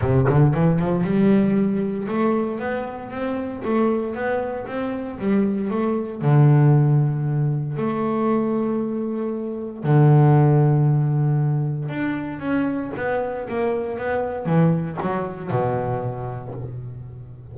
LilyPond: \new Staff \with { instrumentName = "double bass" } { \time 4/4 \tempo 4 = 116 c8 d8 e8 f8 g2 | a4 b4 c'4 a4 | b4 c'4 g4 a4 | d2. a4~ |
a2. d4~ | d2. d'4 | cis'4 b4 ais4 b4 | e4 fis4 b,2 | }